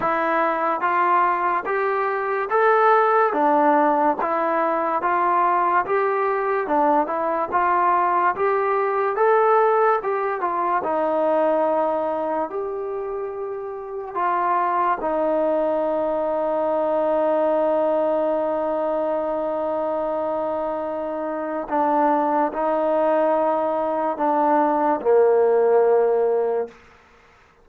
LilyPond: \new Staff \with { instrumentName = "trombone" } { \time 4/4 \tempo 4 = 72 e'4 f'4 g'4 a'4 | d'4 e'4 f'4 g'4 | d'8 e'8 f'4 g'4 a'4 | g'8 f'8 dis'2 g'4~ |
g'4 f'4 dis'2~ | dis'1~ | dis'2 d'4 dis'4~ | dis'4 d'4 ais2 | }